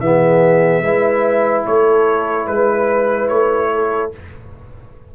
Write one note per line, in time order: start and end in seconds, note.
0.00 0.82 E3
0.00 0.84 B3
0.00 0.84 G#4
0.00 1.65 E5
0.82 1.64 G#3
0.82 4.13 E4
0.82 1.66 B4
1.67 2.48 A3
1.67 2.47 A4
1.67 2.48 C#5
2.47 3.30 G#3
2.47 3.71 B4
2.47 3.29 B4
3.29 4.12 A3
3.29 4.11 C#5
3.74 4.16 A4